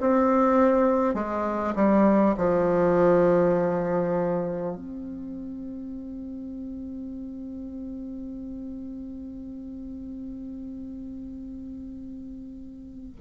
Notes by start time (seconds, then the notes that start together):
0.00 C4
1.14 G#3
1.75 G3
2.37 F3
4.76 C4